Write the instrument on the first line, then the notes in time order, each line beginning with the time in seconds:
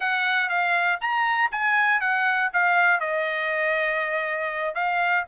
trumpet
0.00 F#5
0.49 F5
1.00 A#5
1.51 G#5
2.00 F#5
2.53 F5
3.00 D#5
4.74 F5